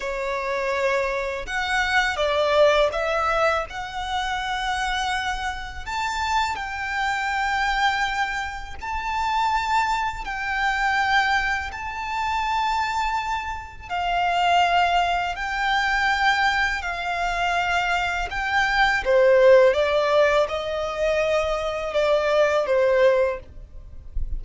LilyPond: \new Staff \with { instrumentName = "violin" } { \time 4/4 \tempo 4 = 82 cis''2 fis''4 d''4 | e''4 fis''2. | a''4 g''2. | a''2 g''2 |
a''2. f''4~ | f''4 g''2 f''4~ | f''4 g''4 c''4 d''4 | dis''2 d''4 c''4 | }